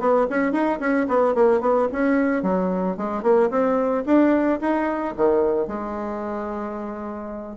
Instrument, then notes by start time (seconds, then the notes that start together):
bassoon
0.00 B3
0.30 C#4
0.52 D#4
0.80 C#4
1.09 B3
1.35 A#3
1.61 B3
1.92 C#4
2.43 F#3
2.97 G#3
3.23 A#3
3.50 C4
4.06 D4
4.61 D#4
5.17 D#3
5.68 G#3